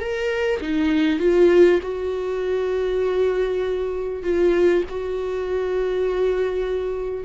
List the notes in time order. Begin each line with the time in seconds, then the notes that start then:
0.00 A#4
0.61 D#4
1.20 F4
1.82 F#4
4.23 F4
4.89 F#4